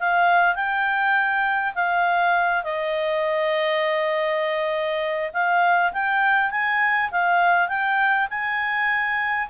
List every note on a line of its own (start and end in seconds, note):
0.00 0.56 F5
0.56 1.74 G5
1.75 2.64 F5
2.64 5.31 D#5
5.34 5.93 F5
5.93 6.52 G5
6.52 7.11 G#5
7.12 7.69 F5
7.69 8.28 G5
8.31 9.49 G#5